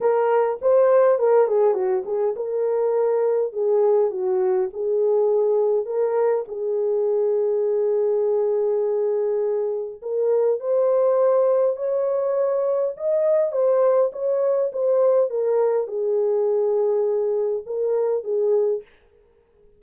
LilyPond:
\new Staff \with { instrumentName = "horn" } { \time 4/4 \tempo 4 = 102 ais'4 c''4 ais'8 gis'8 fis'8 gis'8 | ais'2 gis'4 fis'4 | gis'2 ais'4 gis'4~ | gis'1~ |
gis'4 ais'4 c''2 | cis''2 dis''4 c''4 | cis''4 c''4 ais'4 gis'4~ | gis'2 ais'4 gis'4 | }